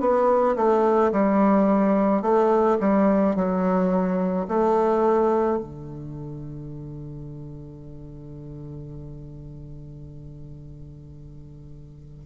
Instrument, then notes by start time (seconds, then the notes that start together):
bassoon
0.00 B3
0.56 A3
1.12 G3
2.22 A3
2.80 G3
3.35 F#3
4.48 A3
5.58 D3